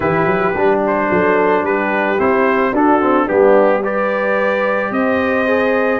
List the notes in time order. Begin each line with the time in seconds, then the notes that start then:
0.00 E3 E4 G4 B4
0.25 F#3
0.53 G3 D4
0.86 C5
1.10 F#3 A4
1.63 G3 G4 B4
2.18 C4 E4 C5
2.71 D4 F#4 A4
3.00 C4
3.24 G3 B3 D4 G4
3.83 G4 B4 D5
4.90 C4 C5 D#5
5.46 G#4